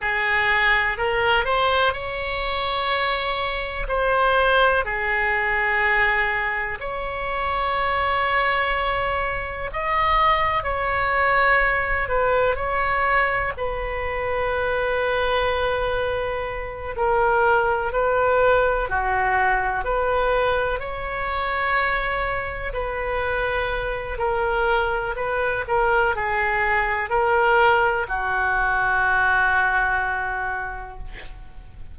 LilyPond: \new Staff \with { instrumentName = "oboe" } { \time 4/4 \tempo 4 = 62 gis'4 ais'8 c''8 cis''2 | c''4 gis'2 cis''4~ | cis''2 dis''4 cis''4~ | cis''8 b'8 cis''4 b'2~ |
b'4. ais'4 b'4 fis'8~ | fis'8 b'4 cis''2 b'8~ | b'4 ais'4 b'8 ais'8 gis'4 | ais'4 fis'2. | }